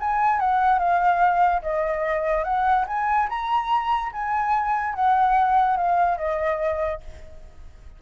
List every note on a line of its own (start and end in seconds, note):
0.00 0.40 G#5
0.40 0.79 F#5
0.79 1.62 F5
1.62 2.44 D#5
2.44 2.85 F#5
2.87 3.29 G#5
3.29 4.12 A#5
4.13 4.95 G#5
4.95 5.77 F#5
5.77 6.18 F5
6.18 7.01 D#5